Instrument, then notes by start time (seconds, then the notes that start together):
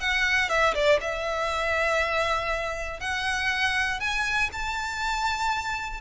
violin
0.00 F#5
0.49 E5
0.75 D5
1.01 E5
3.00 F#5
4.00 G#5
4.52 A5